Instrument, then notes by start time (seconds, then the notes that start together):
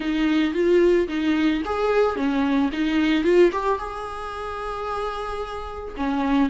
viola
0.00 D#4
0.53 F4
1.08 D#4
1.65 G#4
2.16 C#4
2.72 D#4
3.24 F4
3.51 G4
3.78 G#4
5.96 C#4